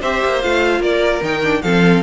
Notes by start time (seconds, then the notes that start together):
0.00 C4 G4 C5 E5
0.24 A#3
0.41 A3 F4 F5
0.80 A#3 A#4 D5
1.22 D#3 D#4 G5
1.42 D4
1.62 F3 C4 A4 F5